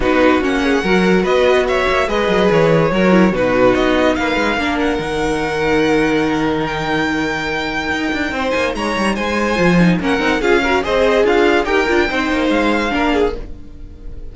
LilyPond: <<
  \new Staff \with { instrumentName = "violin" } { \time 4/4 \tempo 4 = 144 b'4 fis''2 dis''4 | e''4 dis''4 cis''2 | b'4 dis''4 f''4. fis''8~ | fis''1 |
g''1~ | g''8 gis''8 ais''4 gis''2 | fis''4 f''4 dis''4 f''4 | g''2 f''2 | }
  \new Staff \with { instrumentName = "violin" } { \time 4/4 fis'4. gis'8 ais'4 b'4 | cis''4 b'2 ais'4 | fis'2 b'4 ais'4~ | ais'1~ |
ais'1 | c''4 cis''4 c''2 | ais'4 gis'8 ais'8 c''4 f'4 | ais'4 c''2 ais'8 gis'8 | }
  \new Staff \with { instrumentName = "viola" } { \time 4/4 dis'4 cis'4 fis'2~ | fis'4 gis'2 fis'8 e'8 | dis'2. d'4 | dis'1~ |
dis'1~ | dis'2. f'8 dis'8 | cis'8 dis'8 f'8 fis'8 gis'2 | g'8 f'8 dis'2 d'4 | }
  \new Staff \with { instrumentName = "cello" } { \time 4/4 b4 ais4 fis4 b4~ | b8 ais8 gis8 fis8 e4 fis4 | b,4 b4 ais8 gis8 ais4 | dis1~ |
dis2. dis'8 d'8 | c'8 ais8 gis8 g8 gis4 f4 | ais8 c'8 cis'4 c'4 d'4 | dis'8 d'8 c'8 ais8 gis4 ais4 | }
>>